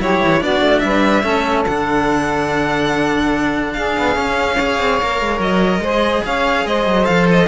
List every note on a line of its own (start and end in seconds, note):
0.00 0.21 F#3
0.00 0.41 E4
0.00 0.42 G4
0.00 0.43 C#5
0.24 0.43 E3
0.41 0.61 B3
0.41 1.24 D4
0.41 0.83 F#4
0.41 0.79 D5
0.61 0.82 A3
0.79 1.24 G3
0.79 1.24 B4
0.79 1.63 E5
1.24 1.65 A3
1.24 1.65 C#4
1.24 3.74 A4
1.66 3.75 D3
1.66 3.98 D4
1.66 3.73 F#5
3.73 4.17 D4
3.73 4.55 G#4
3.73 5.40 F5
3.98 4.16 B3
4.16 4.57 C#4
4.16 4.80 C#4
4.55 5.01 G#4
4.55 5.80 C#5
4.80 5.01 C4
5.01 5.21 A#3
5.01 5.85 A#4
5.21 5.40 G#3
5.40 5.79 F#3
5.40 6.25 D#5
5.79 6.21 G#3
5.79 7.04 G#4
5.79 6.24 C5
6.25 6.66 C#4
6.25 6.67 C#5
6.25 6.67 F5
6.66 6.86 G#3
6.66 7.48 C5
6.66 7.06 D#5
6.86 7.07 F#3
7.04 7.48 F3
7.04 7.46 A4
7.04 7.27 F5
7.31 7.48 D#5